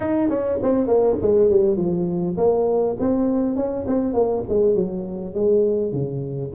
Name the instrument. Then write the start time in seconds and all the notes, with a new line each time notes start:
tuba
0.00 D#4
0.29 C#4
0.62 C4
0.87 A#3
1.21 G#3
1.50 G3
1.77 F3
2.37 A#3
2.99 C4
3.55 C#4
3.87 C4
4.13 A#3
4.49 G#3
4.74 F#3
5.34 G#3
5.92 C#3